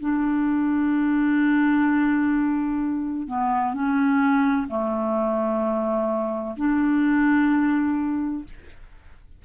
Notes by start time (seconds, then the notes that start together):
0.00 D4
3.28 B3
3.74 C#4
4.69 A3
6.57 D4